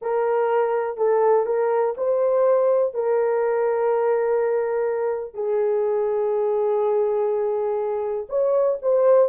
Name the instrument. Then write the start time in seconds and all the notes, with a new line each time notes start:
horn
0.01 A#4
0.97 A4
1.46 A#4
1.97 C5
2.94 A#4
5.34 G#4
8.29 C#5
8.82 C5